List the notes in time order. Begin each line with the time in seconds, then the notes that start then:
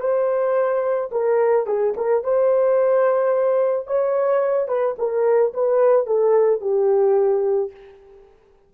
0.00 C5
1.12 A#4
1.66 G#4
1.97 A#4
2.24 C5
3.87 C#5
4.68 B4
4.98 A#4
5.54 B4
6.06 A4
6.61 G4